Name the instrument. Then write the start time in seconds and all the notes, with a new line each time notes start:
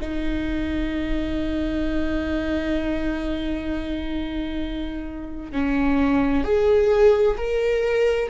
viola
0.00 D#4
5.52 C#4
6.44 G#4
7.37 A#4